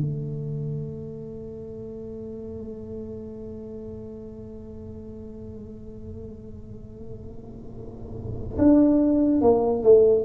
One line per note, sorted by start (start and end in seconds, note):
0.00 8.57 A3
8.58 9.41 D4
9.41 9.83 A#3
9.83 10.24 A3